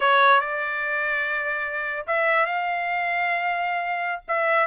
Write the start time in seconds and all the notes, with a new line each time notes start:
0.00 C#5
0.40 D5
2.06 E5
2.46 F5
4.28 E5